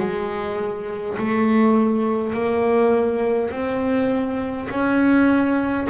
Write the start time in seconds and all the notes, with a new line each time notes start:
0.00 G#3
1.18 A3
2.34 A#3
3.51 C4
4.70 C#4